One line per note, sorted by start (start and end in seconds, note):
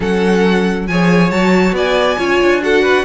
0.00 0.87 F#3
0.00 0.87 C#4
0.00 0.87 A4
0.00 0.87 F#5
0.87 1.30 F3
0.87 1.30 G#4
0.87 1.75 C#5
0.87 1.30 G#5
1.30 1.72 F#3
1.30 2.18 F#4
1.30 1.74 A5
1.72 2.16 B3
1.72 2.17 D5
1.72 2.63 G#5
2.17 2.40 C#4
2.17 2.61 F4
2.17 2.61 C#5
2.42 3.05 D4
2.61 3.05 F#4
2.61 2.82 A4
2.61 3.05 F#5
2.82 3.04 B4